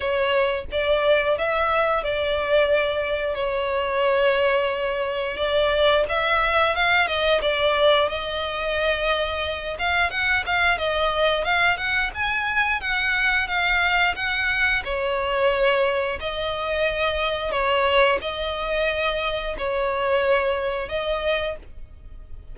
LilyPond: \new Staff \with { instrumentName = "violin" } { \time 4/4 \tempo 4 = 89 cis''4 d''4 e''4 d''4~ | d''4 cis''2. | d''4 e''4 f''8 dis''8 d''4 | dis''2~ dis''8 f''8 fis''8 f''8 |
dis''4 f''8 fis''8 gis''4 fis''4 | f''4 fis''4 cis''2 | dis''2 cis''4 dis''4~ | dis''4 cis''2 dis''4 | }